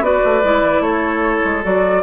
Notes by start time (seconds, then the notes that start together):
0.00 B3 F#4 B4 D5
0.25 A3
0.43 G#3 E4
0.62 E3
0.80 A3 A4 C#5
1.45 G#3
1.62 F#3 F#4 D5